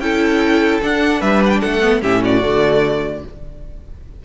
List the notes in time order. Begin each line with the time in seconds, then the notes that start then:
0.00 C#4 E4 A4 G5
0.82 D4 F#5
1.20 G3 B4 E5
1.46 F#5 G5
1.61 A3 A4 F#5
1.81 B3
2.02 A2 C#4 G4 E5
2.23 F#4 D5
2.42 D3 A3